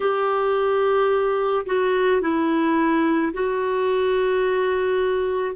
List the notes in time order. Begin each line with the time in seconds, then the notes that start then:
0.00 G4
1.66 F#4
2.21 E4
3.33 F#4